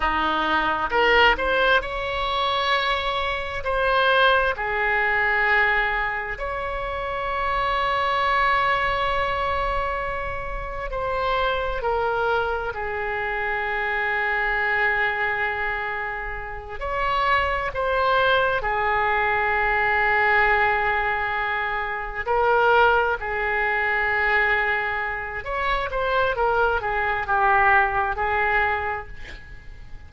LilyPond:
\new Staff \with { instrumentName = "oboe" } { \time 4/4 \tempo 4 = 66 dis'4 ais'8 c''8 cis''2 | c''4 gis'2 cis''4~ | cis''1 | c''4 ais'4 gis'2~ |
gis'2~ gis'8 cis''4 c''8~ | c''8 gis'2.~ gis'8~ | gis'8 ais'4 gis'2~ gis'8 | cis''8 c''8 ais'8 gis'8 g'4 gis'4 | }